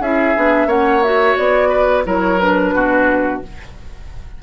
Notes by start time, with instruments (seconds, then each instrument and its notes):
0.00 bassoon C#4, clarinet E4, oboe G#4, flute E5
0.36 bassoon B3, clarinet D4
0.66 bassoon A#3, clarinet C#4, oboe C#5, flute F#5
1.02 clarinet F#4, flute E5
1.37 bassoon B3, flute D5
1.69 oboe B4
2.04 bassoon F#3, clarinet E4, oboe A#4, flute C#5
2.39 clarinet D4, flute B4
2.74 bassoon B2, oboe F#4